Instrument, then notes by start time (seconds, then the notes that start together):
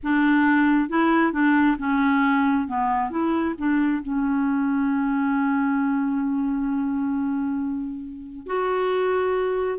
clarinet
0.03 D4
0.89 E4
1.32 D4
1.78 C#4
2.67 B3
3.10 E4
3.58 D4
4.02 C#4
8.46 F#4